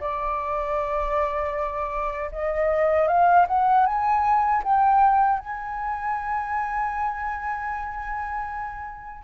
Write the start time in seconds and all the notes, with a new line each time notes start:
0.00 D5
2.31 D#5
3.07 F5
3.47 F#5
3.86 G#5
4.64 G5
5.39 G#5